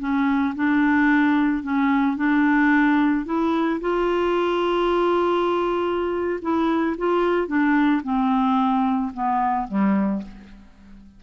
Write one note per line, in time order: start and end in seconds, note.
0.00 0.55 C#4
0.56 1.63 D4
1.63 2.17 C#4
2.17 3.26 D4
3.26 3.81 E4
3.81 6.40 F4
6.42 6.96 E4
6.98 7.48 F4
7.48 8.02 D4
8.04 9.13 C4
9.14 9.68 B3
9.68 10.23 G3